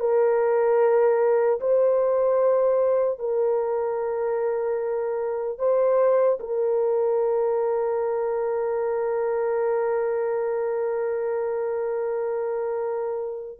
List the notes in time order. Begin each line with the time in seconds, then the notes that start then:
0.00 A#4
1.60 C5
3.19 A#4
5.59 C5
6.40 A#4